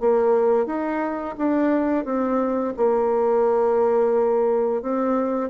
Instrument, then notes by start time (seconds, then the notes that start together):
bassoon
0.00 A#3
0.66 D#4
1.38 D4
2.05 C4
2.77 A#3
4.82 C4